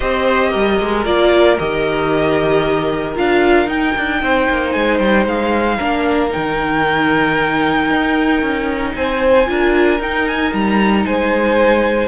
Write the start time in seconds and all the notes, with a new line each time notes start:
0.00 C4 G4 C5 D#5
0.50 G3 A#4
0.80 G#3
1.04 A#3 F4 D5
1.58 D#3 G4 D#5
3.15 D4 F4 F5
3.66 D#4 G5
3.97 D4
4.22 C4 C5
4.49 A#3
4.71 G#3 G#5
4.98 G3 G5
5.25 G#3 F5
5.76 A#3 D4 A#4
6.29 D#4 G5
6.36 D#3
7.90 D#4
8.41 C#4
8.94 C4 C5 G#5
9.46 D4 F4 A#4
9.99 D#4 G5
10.27 G#5
10.53 G3 A#5
11.05 G#3 C5 G#5